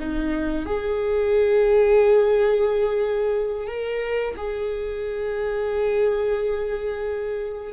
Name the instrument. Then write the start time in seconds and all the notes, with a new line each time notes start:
viola
0.00 D#4
0.66 G#4
3.67 A#4
4.37 G#4